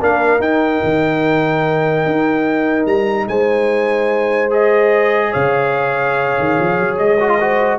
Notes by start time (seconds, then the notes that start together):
0.00 A#3 D4 A#4 F5
0.40 D#4 G5
0.83 D#3
2.06 D#4
2.86 G3 A#5
3.28 G#3 C5 G#5
4.51 G#4 D#5
5.30 C#3 C#5 F5
6.39 D#3
6.60 F3
6.80 F#3
6.98 G#3 D#5
7.20 F#4
7.29 F4
7.39 F#4 C5